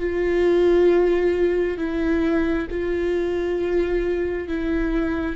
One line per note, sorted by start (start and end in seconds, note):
0.00 1.78 F4
1.78 2.67 E4
2.71 4.48 F4
4.48 5.36 E4